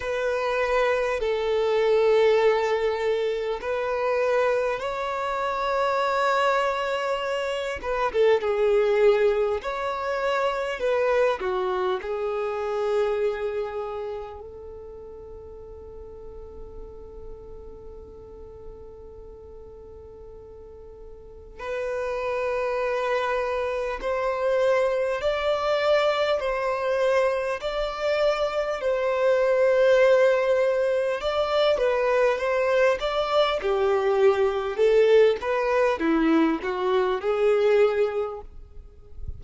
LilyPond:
\new Staff \with { instrumentName = "violin" } { \time 4/4 \tempo 4 = 50 b'4 a'2 b'4 | cis''2~ cis''8 b'16 a'16 gis'4 | cis''4 b'8 fis'8 gis'2 | a'1~ |
a'2 b'2 | c''4 d''4 c''4 d''4 | c''2 d''8 b'8 c''8 d''8 | g'4 a'8 b'8 e'8 fis'8 gis'4 | }